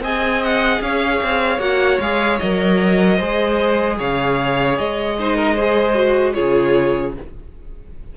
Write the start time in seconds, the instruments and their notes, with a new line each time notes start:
0.00 cello C4, viola G#4, violin D#5 G#5
0.44 violin F#5
0.81 cello C#4, violin C#5 F5
1.22 cello C4
1.59 cello A#3, viola F#4, violin F#5
2.00 cello G#3, viola G#4, violin F5
2.39 cello F#3, viola A#4, violin D#5
3.16 cello G#3, viola G#4, violin C5
3.99 cello C#3, violin C#5 F5
4.77 cello G#3, violin D#5
5.19 viola D#4, violin C5
5.36 violin A#4
5.54 viola G#4, violin C5
5.95 viola F#4
6.34 cello C#3, viola F4, violin G#4 C#5